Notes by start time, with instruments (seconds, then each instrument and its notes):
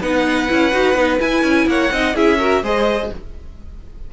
0.00 cello B3, viola D#4, violin B4 F#5
0.48 cello C#4, viola E4
0.72 cello D#4, viola F#4
0.95 cello B3, viola D#4
1.19 viola E4, cello E4, violin G#5
1.43 cello C#4
1.66 cello A#3, violin C#5 F#5
1.91 cello C4, viola D#4, violin D#5
2.15 cello C#4, viola E4, violin G#4 E5
2.38 viola F#4, violin A#4
2.62 cello G#3, viola G#4, violin C5 D#5